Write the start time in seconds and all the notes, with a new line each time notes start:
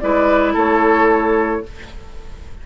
0.00 G#3 E4 B4 D5
0.53 A3 A4 C#5